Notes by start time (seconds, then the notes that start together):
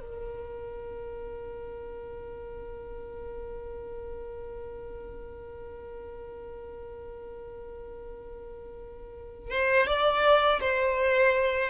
0.00 A#4
9.50 C5
9.87 D5
10.60 C5